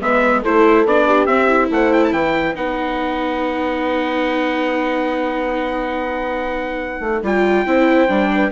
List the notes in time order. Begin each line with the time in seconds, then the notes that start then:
0.00 G#3 B3 B4 E5
0.42 A3 E4 A4 C5
0.84 B3 D4 D5
1.06 G4
1.25 C4 E5
1.48 E4
1.70 A3 C5 F#5
1.93 G5
2.04 A5
2.11 E3 B4 G5
2.55 B3 D#4 F#5
7.00 A3
7.22 G3 F4 G5
7.65 C4 E4 C5
8.08 G3 D4
8.34 B4